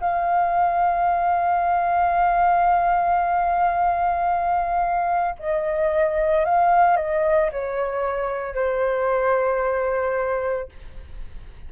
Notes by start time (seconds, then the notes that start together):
0.00 F5
5.39 D#5
6.45 F5
6.97 D#5
7.52 C#5
8.55 C5